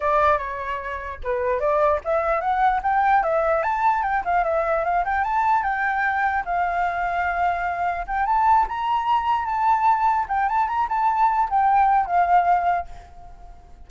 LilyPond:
\new Staff \with { instrumentName = "flute" } { \time 4/4 \tempo 4 = 149 d''4 cis''2 b'4 | d''4 e''4 fis''4 g''4 | e''4 a''4 g''8 f''8 e''4 | f''8 g''8 a''4 g''2 |
f''1 | g''8 a''4 ais''2 a''8~ | a''4. g''8 a''8 ais''8 a''4~ | a''8 g''4. f''2 | }